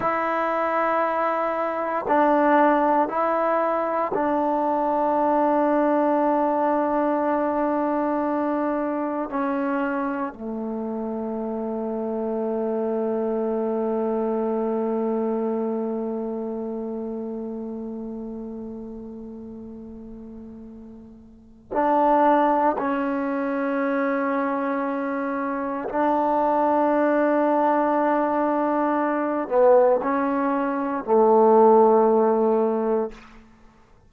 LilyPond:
\new Staff \with { instrumentName = "trombone" } { \time 4/4 \tempo 4 = 58 e'2 d'4 e'4 | d'1~ | d'4 cis'4 a2~ | a1~ |
a1~ | a4 d'4 cis'2~ | cis'4 d'2.~ | d'8 b8 cis'4 a2 | }